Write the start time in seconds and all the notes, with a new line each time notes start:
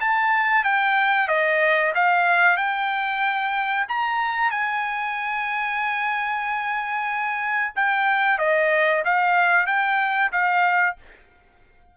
0.00 A5
0.64 G5
1.28 D#5
1.94 F5
2.57 G5
3.88 A#5
4.50 G#5
7.75 G5
8.38 D#5
9.04 F5
9.66 G5
10.32 F5